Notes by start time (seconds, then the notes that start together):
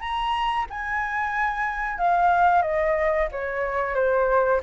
0.00 A#5
0.70 G#5
1.98 F5
2.62 D#5
3.31 C#5
3.95 C5